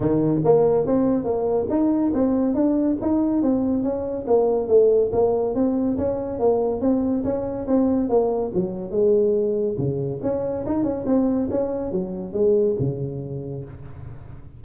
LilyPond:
\new Staff \with { instrumentName = "tuba" } { \time 4/4 \tempo 4 = 141 dis4 ais4 c'4 ais4 | dis'4 c'4 d'4 dis'4 | c'4 cis'4 ais4 a4 | ais4 c'4 cis'4 ais4 |
c'4 cis'4 c'4 ais4 | fis4 gis2 cis4 | cis'4 dis'8 cis'8 c'4 cis'4 | fis4 gis4 cis2 | }